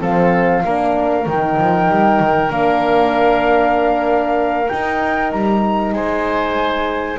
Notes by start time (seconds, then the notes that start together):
0.00 F3 C4 A4 F5
0.63 A#3 D4 A#4
1.26 D#3 D#4 G5
1.58 F3
1.89 G3
2.20 D#3
2.48 A#3 D4 F5
4.68 D#4 G5
5.31 G3 A#5
5.93 G#3 C5 G#5